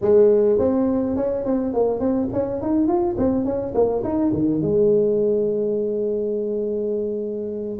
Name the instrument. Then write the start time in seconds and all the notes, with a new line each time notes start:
tuba
0.01 G#3
0.58 C4
1.16 C#4
1.45 C4
1.73 A#3
1.99 C4
2.32 C#4
2.61 D#4
2.87 F4
3.17 C4
3.44 C#4
3.74 A#3
4.03 D#4
4.32 D#3
4.61 G#3